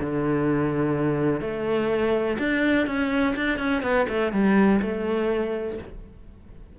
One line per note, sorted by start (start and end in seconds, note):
0.00 1.41 D3
1.41 2.38 A3
2.39 2.87 D4
2.87 3.35 C#4
3.36 3.58 D4
3.58 3.82 C#4
3.82 4.06 B3
4.08 4.32 A3
4.32 4.80 G3
4.81 5.78 A3